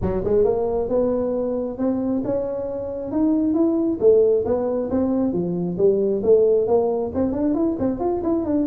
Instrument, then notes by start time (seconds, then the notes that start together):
tuba
0.01 F#3
0.24 G#3
0.44 A#3
0.88 B3
1.78 C4
2.24 C#4
3.11 D#4
3.54 E4
4.00 A3
4.45 B3
4.90 C4
5.32 F3
5.77 G3
6.23 A3
6.67 A#3
7.14 C4
7.32 D4
7.54 E4
7.79 C4
7.99 F4
8.23 E4
8.45 D4